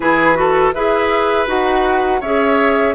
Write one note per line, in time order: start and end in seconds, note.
0.00 0.72 E3
0.00 0.34 E4
0.00 0.37 G#4
0.00 0.73 B4
0.34 0.71 F#4
0.34 0.74 A4
0.73 1.47 E4
0.73 1.46 G#4
0.73 2.20 B4
0.73 1.47 E5
1.46 2.21 D#4
1.46 2.20 F#4
1.46 2.21 F#5
2.20 2.95 C#4
2.20 2.95 G#4
2.20 2.94 C#5
2.20 2.95 E5